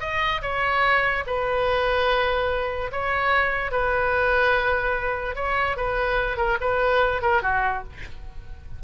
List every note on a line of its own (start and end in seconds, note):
0.00 0.41 D#5
0.42 1.24 C#5
1.26 2.91 B4
2.92 3.71 C#5
3.71 5.35 B4
5.35 5.76 C#5
5.76 6.37 B4
6.37 6.57 A#4
6.60 7.22 B4
7.22 7.42 A#4
7.42 7.83 F#4